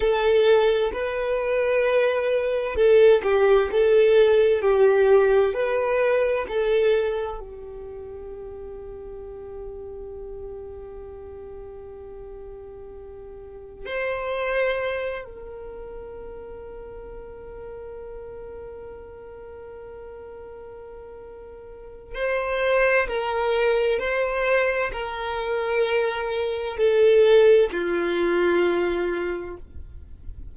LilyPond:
\new Staff \with { instrumentName = "violin" } { \time 4/4 \tempo 4 = 65 a'4 b'2 a'8 g'8 | a'4 g'4 b'4 a'4 | g'1~ | g'2. c''4~ |
c''8 ais'2.~ ais'8~ | ais'1 | c''4 ais'4 c''4 ais'4~ | ais'4 a'4 f'2 | }